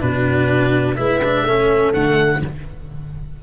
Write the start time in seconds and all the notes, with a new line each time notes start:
0.00 B2 D4 F#4 B4
0.96 G#3 E4 B4 E5
1.24 D4
1.44 A3 C#4 A4
1.93 D3 A3 F#5